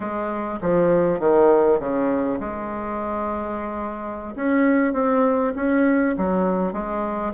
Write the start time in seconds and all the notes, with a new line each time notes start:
0.00 G#3
0.61 F3
1.19 D#3
1.79 C#3
2.40 G#3
4.35 C#4
4.93 C4
5.55 C#4
6.17 F#3
6.72 G#3